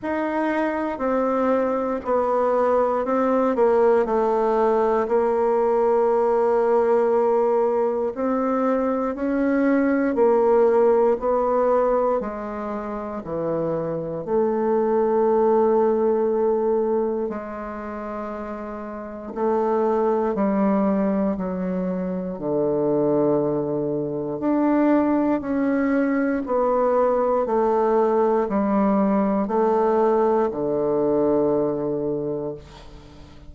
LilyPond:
\new Staff \with { instrumentName = "bassoon" } { \time 4/4 \tempo 4 = 59 dis'4 c'4 b4 c'8 ais8 | a4 ais2. | c'4 cis'4 ais4 b4 | gis4 e4 a2~ |
a4 gis2 a4 | g4 fis4 d2 | d'4 cis'4 b4 a4 | g4 a4 d2 | }